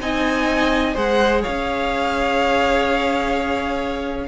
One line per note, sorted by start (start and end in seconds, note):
0.00 0.95 C4
0.00 0.94 D#4
0.00 0.94 D#5
0.00 0.96 G#5
0.94 1.44 G#3
0.94 4.27 G#4
0.94 1.41 C5
0.94 1.43 F#5
1.41 4.28 C#4
1.41 4.27 C#5
1.41 4.28 F5